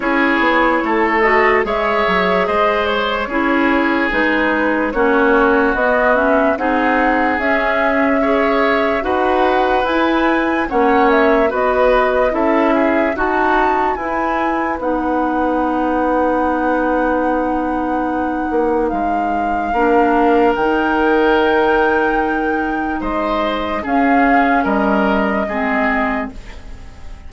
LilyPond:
<<
  \new Staff \with { instrumentName = "flute" } { \time 4/4 \tempo 4 = 73 cis''4. dis''8 e''4 dis''8 cis''8~ | cis''4 b'4 cis''4 dis''8 e''8 | fis''4 e''2 fis''4 | gis''4 fis''8 e''8 dis''4 e''4 |
a''4 gis''4 fis''2~ | fis''2. f''4~ | f''4 g''2. | dis''4 f''4 dis''2 | }
  \new Staff \with { instrumentName = "oboe" } { \time 4/4 gis'4 a'4 cis''4 c''4 | gis'2 fis'2 | gis'2 cis''4 b'4~ | b'4 cis''4 b'4 a'8 gis'8 |
fis'4 b'2.~ | b'1 | ais'1 | c''4 gis'4 ais'4 gis'4 | }
  \new Staff \with { instrumentName = "clarinet" } { \time 4/4 e'4. fis'8 gis'2 | e'4 dis'4 cis'4 b8 cis'8 | dis'4 cis'4 gis'4 fis'4 | e'4 cis'4 fis'4 e'4 |
fis'4 e'4 dis'2~ | dis'1 | d'4 dis'2.~ | dis'4 cis'2 c'4 | }
  \new Staff \with { instrumentName = "bassoon" } { \time 4/4 cis'8 b8 a4 gis8 fis8 gis4 | cis'4 gis4 ais4 b4 | c'4 cis'2 dis'4 | e'4 ais4 b4 cis'4 |
dis'4 e'4 b2~ | b2~ b8 ais8 gis4 | ais4 dis2. | gis4 cis'4 g4 gis4 | }
>>